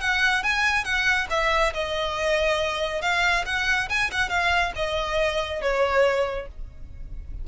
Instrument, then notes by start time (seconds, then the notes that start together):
violin
0.00 F#5
0.43 G#5
0.84 F#5
1.30 E5
1.73 D#5
3.01 F5
3.45 F#5
3.89 G#5
4.11 F#5
4.29 F5
4.76 D#5
5.61 C#5